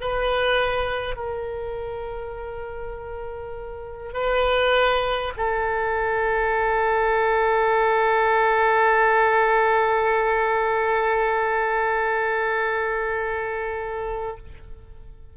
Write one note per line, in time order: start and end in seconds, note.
0.00 1.16 B4
1.16 4.13 A#4
4.13 5.33 B4
5.36 14.36 A4